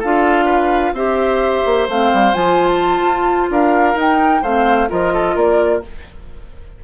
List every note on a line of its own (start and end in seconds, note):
0.00 0.93 D4
0.00 0.96 F4
0.00 0.46 A4
0.00 0.96 F5
0.46 0.92 B4
0.93 1.63 C4
0.93 1.89 G4
0.93 3.51 C5
0.93 1.89 E5
1.66 1.89 A#3
1.89 2.12 A3
1.89 2.34 C4
1.89 2.34 F5
2.13 2.35 G3
2.34 3.02 F3
2.34 3.97 F4
2.34 2.68 G#5
2.68 3.49 A5
3.02 3.48 F4
3.51 3.95 D4
3.51 4.43 A#4
3.51 3.99 F5
3.95 4.42 D#4
3.95 4.43 D#4
3.95 4.44 G5
4.43 4.90 A3
4.43 4.89 C4
4.43 4.89 C5
4.43 4.91 F5
4.89 5.36 F3
4.89 5.82 F4
4.89 5.13 A#4
4.89 5.38 D#5
5.14 5.36 A4
5.36 5.83 A#3
5.36 5.82 A#4
5.36 5.84 D5